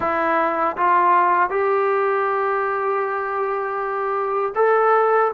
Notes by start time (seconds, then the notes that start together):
0.00 E4
0.76 F4
1.49 G4
4.55 A4